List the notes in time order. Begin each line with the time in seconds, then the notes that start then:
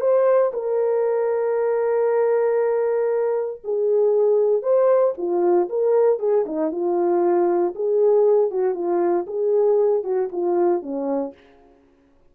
0.00 C5
0.53 A#4
3.64 G#4
4.62 C5
5.17 F4
5.69 A#4
6.19 G#4
6.46 D#4
6.71 F4
7.75 G#4
8.51 F#4
8.74 F4
9.26 G#4
10.03 F#4
10.32 F4
10.82 C#4